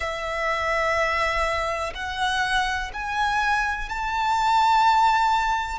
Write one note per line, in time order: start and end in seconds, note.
0.00 1.93 E5
1.94 2.91 F#5
2.93 3.89 G#5
3.89 5.78 A5